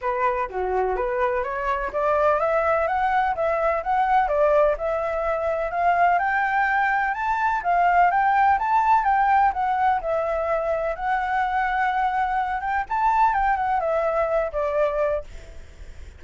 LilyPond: \new Staff \with { instrumentName = "flute" } { \time 4/4 \tempo 4 = 126 b'4 fis'4 b'4 cis''4 | d''4 e''4 fis''4 e''4 | fis''4 d''4 e''2 | f''4 g''2 a''4 |
f''4 g''4 a''4 g''4 | fis''4 e''2 fis''4~ | fis''2~ fis''8 g''8 a''4 | g''8 fis''8 e''4. d''4. | }